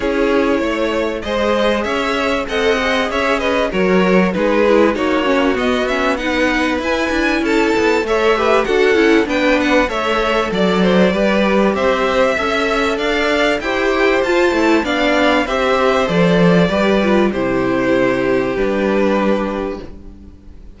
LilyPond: <<
  \new Staff \with { instrumentName = "violin" } { \time 4/4 \tempo 4 = 97 cis''2 dis''4 e''4 | fis''4 e''8 dis''8 cis''4 b'4 | cis''4 dis''8 e''8 fis''4 gis''4 | a''4 e''4 fis''4 g''8 fis''8 |
e''4 d''2 e''4~ | e''4 f''4 g''4 a''4 | f''4 e''4 d''2 | c''2 b'2 | }
  \new Staff \with { instrumentName = "violin" } { \time 4/4 gis'4 cis''4 c''4 cis''4 | dis''4 cis''8 b'8 ais'4 gis'4 | fis'2 b'2 | a'4 cis''8 b'8 a'4 b'4 |
cis''4 d''8 c''8 b'4 c''4 | e''4 d''4 c''2 | d''4 c''2 b'4 | g'1 | }
  \new Staff \with { instrumentName = "viola" } { \time 4/4 e'2 gis'2 | a'8 gis'4. fis'4 dis'8 e'8 | dis'8 cis'8 b8 cis'8 dis'4 e'4~ | e'4 a'8 g'8 fis'8 e'8 d'4 |
a'2 g'2 | a'2 g'4 f'8 e'8 | d'4 g'4 a'4 g'8 f'8 | e'2 d'2 | }
  \new Staff \with { instrumentName = "cello" } { \time 4/4 cis'4 a4 gis4 cis'4 | c'4 cis'4 fis4 gis4 | ais4 b2 e'8 d'8 | cis'8 b8 a4 d'8 cis'8 b4 |
a4 fis4 g4 c'4 | cis'4 d'4 e'4 f'8 a8 | b4 c'4 f4 g4 | c2 g2 | }
>>